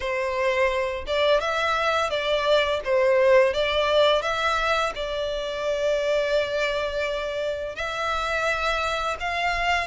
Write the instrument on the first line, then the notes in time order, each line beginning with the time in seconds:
violin
0.00 C5
1.06 D5
1.40 E5
2.10 D5
2.84 C5
3.53 D5
4.22 E5
4.95 D5
7.75 E5
9.20 F5